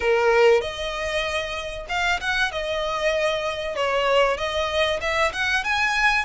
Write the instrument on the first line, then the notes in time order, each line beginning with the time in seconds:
violin
0.00 A#4
0.61 D#5
1.88 F5
2.20 F#5
2.51 D#5
3.75 C#5
4.37 D#5
5.00 E5
5.32 F#5
5.64 G#5